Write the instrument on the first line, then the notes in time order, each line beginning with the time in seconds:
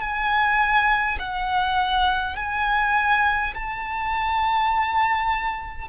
violin
0.00 G#5
1.19 F#5
2.35 G#5
3.54 A5